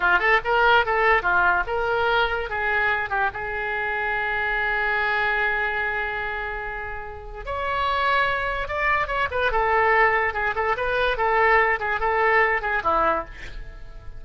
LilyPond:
\new Staff \with { instrumentName = "oboe" } { \time 4/4 \tempo 4 = 145 f'8 a'8 ais'4 a'4 f'4 | ais'2 gis'4. g'8 | gis'1~ | gis'1~ |
gis'2 cis''2~ | cis''4 d''4 cis''8 b'8 a'4~ | a'4 gis'8 a'8 b'4 a'4~ | a'8 gis'8 a'4. gis'8 e'4 | }